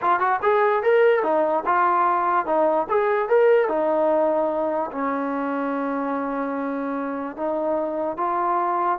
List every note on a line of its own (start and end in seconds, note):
0.01 0.19 F4
0.19 0.40 F#4
0.42 0.83 G#4
0.83 1.23 A#4
1.23 1.63 D#4
1.65 2.46 F4
2.46 2.87 D#4
2.89 3.29 G#4
3.29 3.68 A#4
3.68 4.90 D#4
4.91 7.36 C#4
7.36 8.17 D#4
8.17 8.99 F4